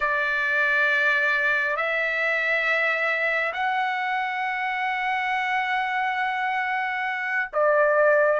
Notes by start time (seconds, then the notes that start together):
0.00 D5
1.76 E5
3.53 F#5
7.52 D5